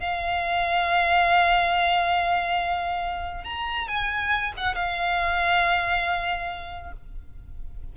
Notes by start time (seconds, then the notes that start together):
0.00 F5
3.45 A#5
3.88 G#5
4.57 F#5
4.75 F5